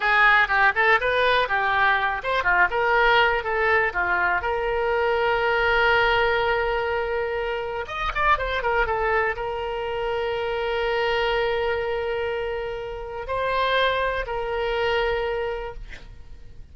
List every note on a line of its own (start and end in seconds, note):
0.00 0.47 G#4
0.47 0.72 G4
0.75 0.99 A4
1.00 1.48 B4
1.48 2.22 G4
2.23 2.43 C5
2.43 2.68 F4
2.70 3.43 A#4
3.43 3.92 A4
3.93 4.41 F4
4.41 7.85 A#4
7.87 8.11 D#5
8.15 8.38 D5
8.38 8.62 C5
8.62 8.86 A#4
8.86 9.35 A4
9.36 13.27 A#4
13.27 14.25 C5
14.26 15.74 A#4